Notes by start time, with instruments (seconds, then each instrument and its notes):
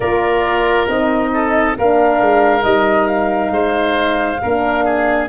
0.00 tuba A#3, horn F4, oboe A#4, flute D5
0.88 tuba C4, horn D#4, flute D#5
1.33 oboe A4
1.77 tuba A#3, horn D4, oboe A#4, flute F5
2.20 tuba G#3
2.61 tuba G3, horn D#4, flute D#5
3.06 flute F5
3.50 tuba G#3, oboe C5
4.42 tuba A#3, horn D4, oboe A#4
4.84 oboe G#4